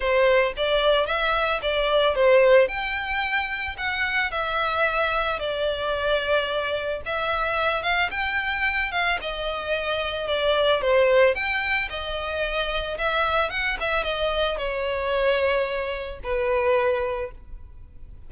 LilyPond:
\new Staff \with { instrumentName = "violin" } { \time 4/4 \tempo 4 = 111 c''4 d''4 e''4 d''4 | c''4 g''2 fis''4 | e''2 d''2~ | d''4 e''4. f''8 g''4~ |
g''8 f''8 dis''2 d''4 | c''4 g''4 dis''2 | e''4 fis''8 e''8 dis''4 cis''4~ | cis''2 b'2 | }